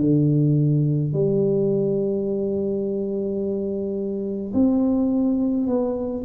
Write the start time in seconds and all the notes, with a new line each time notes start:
0.00 D3
1.13 G3
4.53 C4
5.67 B3